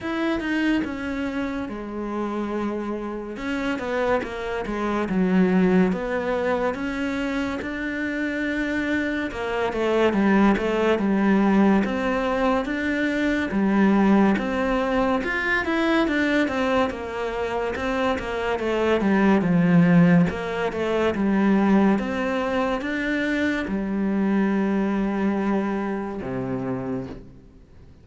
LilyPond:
\new Staff \with { instrumentName = "cello" } { \time 4/4 \tempo 4 = 71 e'8 dis'8 cis'4 gis2 | cis'8 b8 ais8 gis8 fis4 b4 | cis'4 d'2 ais8 a8 | g8 a8 g4 c'4 d'4 |
g4 c'4 f'8 e'8 d'8 c'8 | ais4 c'8 ais8 a8 g8 f4 | ais8 a8 g4 c'4 d'4 | g2. c4 | }